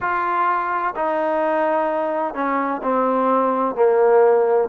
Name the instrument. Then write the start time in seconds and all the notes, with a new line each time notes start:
trombone
0.00 F4
0.95 D#4
2.34 C#4
2.83 C4
3.75 A#3